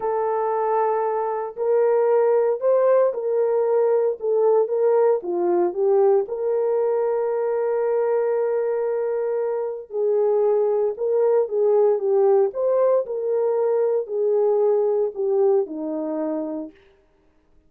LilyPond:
\new Staff \with { instrumentName = "horn" } { \time 4/4 \tempo 4 = 115 a'2. ais'4~ | ais'4 c''4 ais'2 | a'4 ais'4 f'4 g'4 | ais'1~ |
ais'2. gis'4~ | gis'4 ais'4 gis'4 g'4 | c''4 ais'2 gis'4~ | gis'4 g'4 dis'2 | }